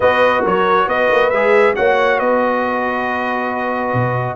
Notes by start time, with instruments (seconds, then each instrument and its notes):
0.00 tuba B3, trombone F#4, horn B4, trumpet D#5
0.42 tuba F#3, horn A#4, trumpet C#5
0.87 tuba B3, horn B4, trumpet D#5
1.11 tuba A#3
1.30 tuba G#3, trombone G#4, trumpet E5
1.75 tuba A#3, trombone F#4, horn C#5, trumpet F#5
2.18 tuba B3, horn B4, trumpet D#5
3.93 tuba B2